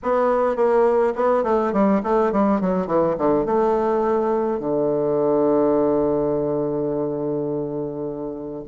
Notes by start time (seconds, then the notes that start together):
0.02 B3
0.55 A#3
1.15 B3
1.43 A3
1.72 G3
2.03 A3
2.32 G3
2.60 F#3
2.87 E3
3.17 D3
3.45 A3
4.59 D3